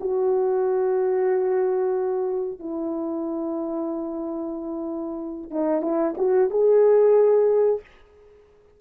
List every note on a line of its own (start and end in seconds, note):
0.00 2.59 F#4
2.59 5.50 E4
5.50 5.82 D#4
5.82 6.14 E4
6.17 6.50 F#4
6.50 7.81 G#4